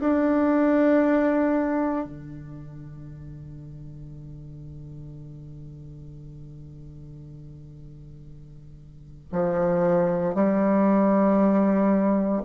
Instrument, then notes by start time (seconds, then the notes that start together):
bassoon
0.00 D4
2.05 D3
9.32 F3
10.35 G3